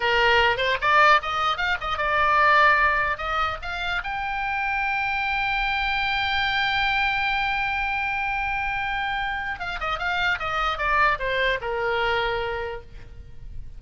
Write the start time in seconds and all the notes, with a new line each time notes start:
0.00 A#4
0.57 C5
0.81 D5
1.22 D#5
1.57 F5
1.80 D#5
1.97 D5
3.17 D#5
3.62 F5
4.03 G5
9.59 F5
9.80 D#5
9.99 F5
10.39 D#5
10.78 D5
11.19 C5
11.61 A#4